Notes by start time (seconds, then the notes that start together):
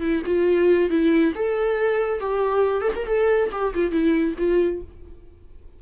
0.00 E4
0.25 F4
0.89 E4
1.35 A4
2.20 G4
2.81 A4
2.95 A#4
3.06 A4
3.52 G4
3.74 F4
3.91 E4
4.38 F4